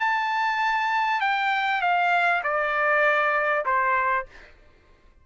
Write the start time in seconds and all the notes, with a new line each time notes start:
0.00 A5
1.21 G5
1.82 F5
2.44 D5
3.66 C5